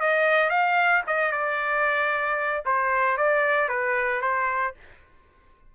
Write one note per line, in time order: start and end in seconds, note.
0.00 0.50 D#5
0.50 1.02 F5
1.07 1.32 D#5
1.32 2.63 D5
2.65 3.17 C5
3.17 3.69 D5
3.69 4.21 B4
4.21 4.74 C5